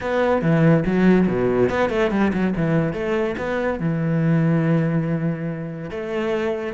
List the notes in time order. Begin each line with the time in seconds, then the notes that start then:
0.00 B3
0.41 E3
0.85 F#3
1.27 B2
1.69 B3
1.89 A3
2.10 G3
2.33 F#3
2.56 E3
2.93 A3
3.37 B3
3.79 E3
5.90 A3